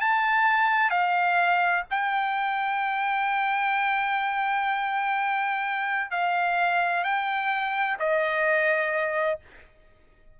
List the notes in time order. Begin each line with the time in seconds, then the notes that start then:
0.00 A5
0.90 F5
1.90 G5
6.10 F5
7.04 G5
7.99 D#5